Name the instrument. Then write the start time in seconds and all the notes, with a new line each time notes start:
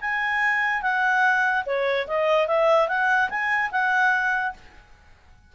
clarinet
0.00 G#5
0.82 F#5
1.66 C#5
2.07 D#5
2.47 E5
2.88 F#5
3.29 G#5
3.71 F#5